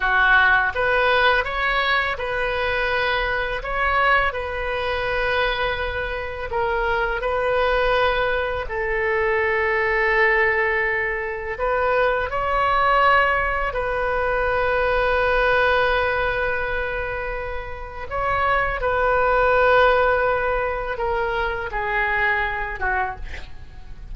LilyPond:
\new Staff \with { instrumentName = "oboe" } { \time 4/4 \tempo 4 = 83 fis'4 b'4 cis''4 b'4~ | b'4 cis''4 b'2~ | b'4 ais'4 b'2 | a'1 |
b'4 cis''2 b'4~ | b'1~ | b'4 cis''4 b'2~ | b'4 ais'4 gis'4. fis'8 | }